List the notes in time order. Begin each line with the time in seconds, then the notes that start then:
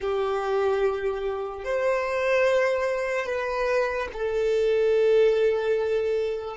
0.00 G4
1.64 C5
3.26 B4
4.12 A4